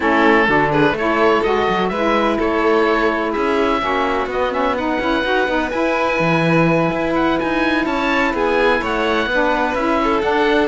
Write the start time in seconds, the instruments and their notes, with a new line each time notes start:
0.00 cello A3, saxophone C#4, violin E4, oboe A4
0.47 cello D3, saxophone D4, violin F#4
0.71 violin G#4, oboe B4
0.91 cello A3, violin A4
0.98 saxophone E4, oboe C#5
1.43 cello G#3, saxophone F#4, oboe D#5
1.68 cello F#3
1.88 cello G#3, saxophone E4, violin B4, oboe E5
2.38 cello A3, violin A4, oboe C#5
3.30 cello C#4, violin G#4, oboe E5
3.79 cello A#3, saxophone C#4, violin F#4
4.26 cello B3, saxophone B3, oboe D#5
4.51 saxophone C#4, oboe E5
4.77 saxophone D#4, violin B4, oboe F#5
4.99 cello C#4, saxophone E4
5.23 cello D#4, saxophone F#4
5.46 cello B3, saxophone D#4
5.70 saxophone E4, cello E4, oboe G#5
6.19 cello E3
6.92 cello E4
7.15 oboe F#5
7.39 cello D#4, oboe G#5
7.85 cello C#4, violin C#5, oboe A5
8.33 cello B3, violin G#4, oboe G#5
8.81 cello A3, violin C#5, oboe F#5
9.26 cello B3, saxophone D4, violin B4
9.74 cello C#4, saxophone E4, oboe E5
10.03 violin A4
10.20 saxophone D4, cello D4, oboe F#5